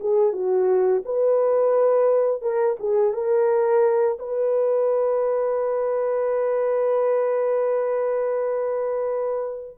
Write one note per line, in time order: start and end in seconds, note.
0.00 0.32 G#4
0.32 1.02 F#4
1.05 2.41 B4
2.41 2.76 A#4
2.79 3.13 G#4
3.13 4.18 A#4
4.19 9.77 B4